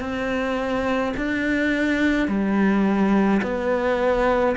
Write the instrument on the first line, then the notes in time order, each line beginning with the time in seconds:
cello
0.00 C4
1.17 D4
2.28 G3
3.43 B3